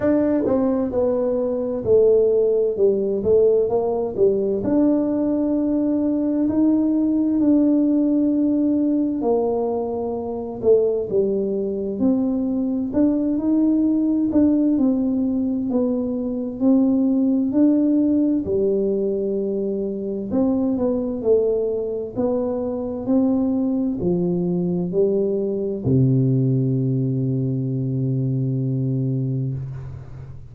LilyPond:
\new Staff \with { instrumentName = "tuba" } { \time 4/4 \tempo 4 = 65 d'8 c'8 b4 a4 g8 a8 | ais8 g8 d'2 dis'4 | d'2 ais4. a8 | g4 c'4 d'8 dis'4 d'8 |
c'4 b4 c'4 d'4 | g2 c'8 b8 a4 | b4 c'4 f4 g4 | c1 | }